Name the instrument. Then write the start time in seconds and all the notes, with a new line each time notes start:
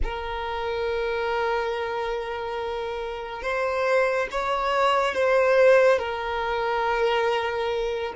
violin
0.03 A#4
3.42 C5
4.31 C#5
5.14 C5
5.98 A#4